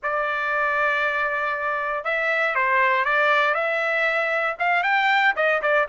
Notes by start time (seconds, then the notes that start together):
0.03 D5
2.04 E5
2.55 C5
3.04 D5
3.54 E5
4.59 F5
4.83 G5
5.36 D#5
5.62 D5